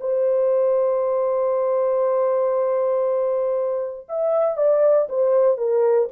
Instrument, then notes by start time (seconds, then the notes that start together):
horn
0.00 C5
4.08 E5
4.57 D5
5.08 C5
5.57 A#4